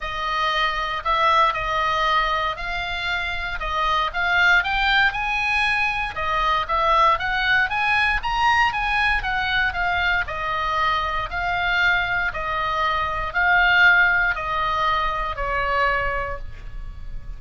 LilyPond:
\new Staff \with { instrumentName = "oboe" } { \time 4/4 \tempo 4 = 117 dis''2 e''4 dis''4~ | dis''4 f''2 dis''4 | f''4 g''4 gis''2 | dis''4 e''4 fis''4 gis''4 |
ais''4 gis''4 fis''4 f''4 | dis''2 f''2 | dis''2 f''2 | dis''2 cis''2 | }